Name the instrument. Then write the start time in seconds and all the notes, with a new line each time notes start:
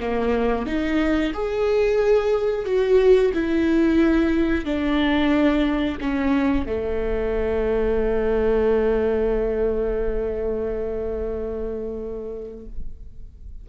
viola
0.00 A#3
0.67 D#4
1.34 G#4
2.66 F#4
3.34 E4
4.65 D4
6.01 C#4
6.66 A3